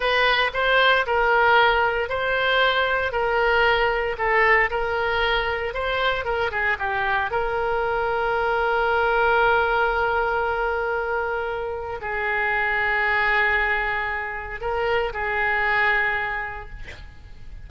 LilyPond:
\new Staff \with { instrumentName = "oboe" } { \time 4/4 \tempo 4 = 115 b'4 c''4 ais'2 | c''2 ais'2 | a'4 ais'2 c''4 | ais'8 gis'8 g'4 ais'2~ |
ais'1~ | ais'2. gis'4~ | gis'1 | ais'4 gis'2. | }